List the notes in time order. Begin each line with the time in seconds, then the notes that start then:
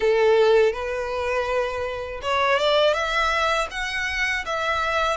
0.00 A4
0.72 B4
2.22 C#5
2.58 D5
2.93 E5
3.70 F#5
4.45 E5